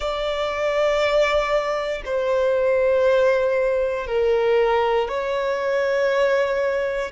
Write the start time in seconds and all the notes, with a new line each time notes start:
0.00 D5
2.05 C5
4.07 A#4
5.08 C#5